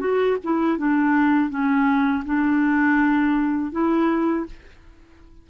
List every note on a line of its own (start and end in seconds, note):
0.00 0.37 F#4
0.44 0.78 E4
0.78 1.49 D4
1.49 2.24 C#4
2.25 3.72 D4
3.72 4.46 E4